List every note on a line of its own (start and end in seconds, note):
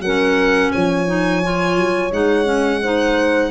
0.00 0.70 F#3
0.00 1.06 C#4
0.00 0.72 A#4
0.00 0.71 F#5
0.72 1.77 F3
0.72 2.81 C#5
0.72 2.11 G#5
1.06 1.41 D#4
1.43 2.11 F4
1.77 2.11 F#3
2.11 3.50 G#3
2.11 2.44 D#4
2.11 3.50 F#5
2.44 2.79 C#4
2.82 3.50 D#4
2.82 3.50 C5